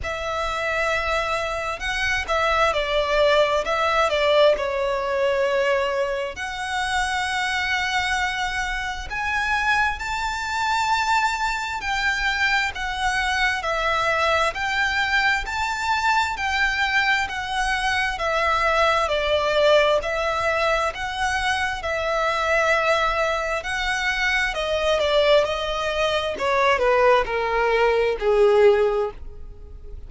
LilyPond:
\new Staff \with { instrumentName = "violin" } { \time 4/4 \tempo 4 = 66 e''2 fis''8 e''8 d''4 | e''8 d''8 cis''2 fis''4~ | fis''2 gis''4 a''4~ | a''4 g''4 fis''4 e''4 |
g''4 a''4 g''4 fis''4 | e''4 d''4 e''4 fis''4 | e''2 fis''4 dis''8 d''8 | dis''4 cis''8 b'8 ais'4 gis'4 | }